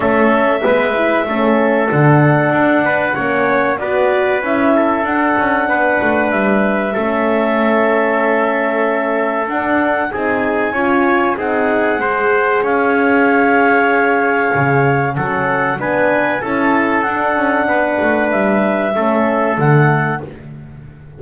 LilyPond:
<<
  \new Staff \with { instrumentName = "clarinet" } { \time 4/4 \tempo 4 = 95 e''2. fis''4~ | fis''2 d''4 e''4 | fis''2 e''2~ | e''2. fis''4 |
gis''2 fis''2 | f''1 | fis''4 gis''4 a''4 fis''4~ | fis''4 e''2 fis''4 | }
  \new Staff \with { instrumentName = "trumpet" } { \time 4/4 a'4 b'4 a'2~ | a'8 b'8 cis''4 b'4. a'8~ | a'4 b'2 a'4~ | a'1 |
gis'4 cis''4 gis'4 c''4 | cis''1 | a'4 b'4 a'2 | b'2 a'2 | }
  \new Staff \with { instrumentName = "horn" } { \time 4/4 cis'4 b8 e'8 cis'4 d'4~ | d'4 cis'4 fis'4 e'4 | d'2. cis'4~ | cis'2. d'4 |
dis'4 f'4 dis'4 gis'4~ | gis'1 | cis'4 d'4 e'4 d'4~ | d'2 cis'4 a4 | }
  \new Staff \with { instrumentName = "double bass" } { \time 4/4 a4 gis4 a4 d4 | d'4 ais4 b4 cis'4 | d'8 cis'8 b8 a8 g4 a4~ | a2. d'4 |
c'4 cis'4 c'4 gis4 | cis'2. cis4 | fis4 b4 cis'4 d'8 cis'8 | b8 a8 g4 a4 d4 | }
>>